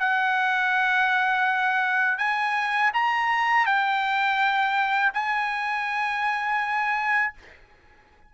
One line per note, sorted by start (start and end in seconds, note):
0.00 2.19 F#5
2.19 2.92 G#5
2.94 3.67 A#5
3.67 5.13 G5
5.14 7.34 G#5